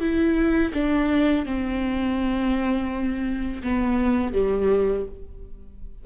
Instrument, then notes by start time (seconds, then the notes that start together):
viola
0.00 E4
0.73 D4
1.45 C4
3.62 B3
4.33 G3